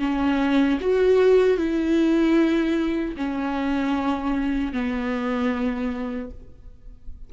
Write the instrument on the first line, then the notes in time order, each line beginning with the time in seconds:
viola
0.00 C#4
0.81 F#4
1.58 E4
3.17 C#4
4.73 B3